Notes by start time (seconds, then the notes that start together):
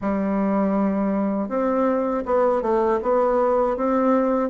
0.01 G3
1.49 C4
2.25 B3
2.61 A3
3.02 B3
3.76 C4